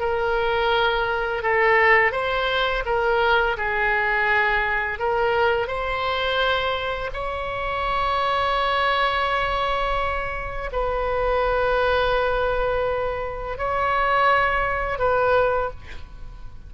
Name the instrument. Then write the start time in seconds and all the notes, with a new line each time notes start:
oboe
0.00 A#4
1.43 A4
2.12 C5
2.86 A#4
3.57 G#4
4.99 A#4
5.68 C5
7.14 C#5
10.72 B4
13.58 C#5
14.99 B4